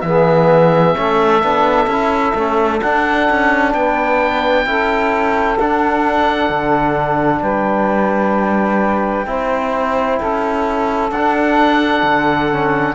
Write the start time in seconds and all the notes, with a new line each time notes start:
0.00 E3 B3 G#4 E5
0.95 A3 C#4 A4
1.42 B3 D4
1.86 C#4 E4
2.34 A3 C#4
2.81 D4 F#5
3.30 C#4
3.73 B3 B4 G5
4.65 C#4 E4 A4
5.59 D4 F#5
6.49 D3
7.41 G3 B4 G5
9.26 C4 E4 C5
10.19 C#4 A4
11.11 D4 F#5
12.02 D3
12.52 C#4